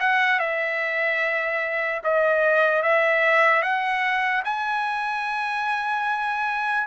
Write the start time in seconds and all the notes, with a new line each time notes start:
0.00 F#5
0.40 E5
2.04 D#5
2.83 E5
3.62 F#5
4.45 G#5